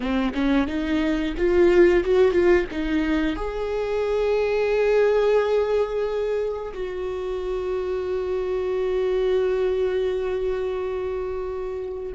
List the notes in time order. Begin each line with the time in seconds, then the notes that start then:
0.00 C4
0.34 C#4
0.67 D#4
1.37 F4
2.04 F#4
2.31 F4
2.70 D#4
3.36 G#4
6.73 F#4